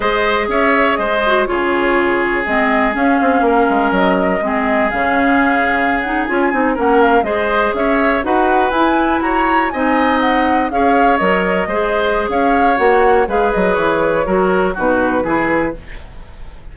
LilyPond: <<
  \new Staff \with { instrumentName = "flute" } { \time 4/4 \tempo 4 = 122 dis''4 e''4 dis''4 cis''4~ | cis''4 dis''4 f''2 | dis''2 f''2~ | f''16 fis''8 gis''4 fis''8 f''8 dis''4 e''16~ |
e''8. fis''4 gis''4 ais''4 gis''16~ | gis''8. fis''4 f''4 dis''4~ dis''16~ | dis''4 f''4 fis''4 f''8 dis''8 | cis''2 b'2 | }
  \new Staff \with { instrumentName = "oboe" } { \time 4/4 c''4 cis''4 c''4 gis'4~ | gis'2. ais'4~ | ais'4 gis'2.~ | gis'4.~ gis'16 ais'4 c''4 cis''16~ |
cis''8. b'2 cis''4 dis''16~ | dis''4.~ dis''16 cis''2 c''16~ | c''4 cis''2 b'4~ | b'4 ais'4 fis'4 gis'4 | }
  \new Staff \with { instrumentName = "clarinet" } { \time 4/4 gis'2~ gis'8 fis'8 f'4~ | f'4 c'4 cis'2~ | cis'4 c'4 cis'2~ | cis'16 dis'8 f'8 dis'8 cis'4 gis'4~ gis'16~ |
gis'8. fis'4 e'2 dis'16~ | dis'4.~ dis'16 gis'4 ais'4 gis'16~ | gis'2 fis'4 gis'4~ | gis'4 fis'4 dis'4 e'4 | }
  \new Staff \with { instrumentName = "bassoon" } { \time 4/4 gis4 cis'4 gis4 cis4~ | cis4 gis4 cis'8 c'8 ais8 gis8 | fis4 gis4 cis2~ | cis8. cis'8 c'8 ais4 gis4 cis'16~ |
cis'8. dis'4 e'4 fis'4 c'16~ | c'4.~ c'16 cis'4 fis4 gis16~ | gis4 cis'4 ais4 gis8 fis8 | e4 fis4 b,4 e4 | }
>>